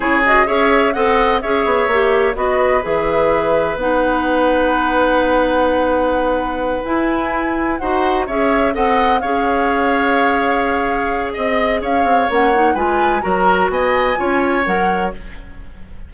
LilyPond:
<<
  \new Staff \with { instrumentName = "flute" } { \time 4/4 \tempo 4 = 127 cis''8 dis''8 e''4 fis''4 e''4~ | e''4 dis''4 e''2 | fis''1~ | fis''2~ fis''8 gis''4.~ |
gis''8 fis''4 e''4 fis''4 f''8~ | f''1 | dis''4 f''4 fis''4 gis''4 | ais''4 gis''2 fis''4 | }
  \new Staff \with { instrumentName = "oboe" } { \time 4/4 gis'4 cis''4 dis''4 cis''4~ | cis''4 b'2.~ | b'1~ | b'1~ |
b'8 c''4 cis''4 dis''4 cis''8~ | cis''1 | dis''4 cis''2 b'4 | ais'4 dis''4 cis''2 | }
  \new Staff \with { instrumentName = "clarinet" } { \time 4/4 e'8 fis'8 gis'4 a'4 gis'4 | g'4 fis'4 gis'2 | dis'1~ | dis'2~ dis'8 e'4.~ |
e'8 fis'4 gis'4 a'4 gis'8~ | gis'1~ | gis'2 cis'8 dis'8 f'4 | fis'2 f'4 ais'4 | }
  \new Staff \with { instrumentName = "bassoon" } { \time 4/4 cis4 cis'4 c'4 cis'8 b8 | ais4 b4 e2 | b1~ | b2~ b8 e'4.~ |
e'8 dis'4 cis'4 c'4 cis'8~ | cis'1 | c'4 cis'8 c'8 ais4 gis4 | fis4 b4 cis'4 fis4 | }
>>